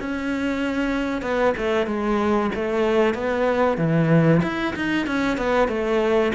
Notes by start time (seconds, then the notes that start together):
0.00 C#4
1.22 B3
1.58 A3
1.87 G#3
2.55 A3
3.15 B3
3.78 E3
4.43 E4
4.76 D#4
5.07 C#4
5.38 B3
5.69 A3